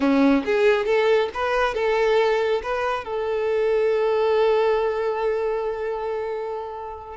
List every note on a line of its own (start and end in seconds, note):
0.00 0.44 C#4
0.45 0.85 G#4
0.85 1.29 A4
1.34 1.74 B4
1.74 2.61 A4
2.62 3.04 B4
3.04 7.16 A4